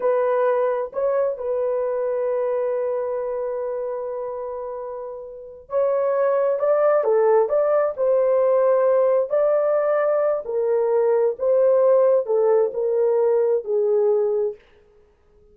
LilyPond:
\new Staff \with { instrumentName = "horn" } { \time 4/4 \tempo 4 = 132 b'2 cis''4 b'4~ | b'1~ | b'1~ | b'8 cis''2 d''4 a'8~ |
a'8 d''4 c''2~ c''8~ | c''8 d''2~ d''8 ais'4~ | ais'4 c''2 a'4 | ais'2 gis'2 | }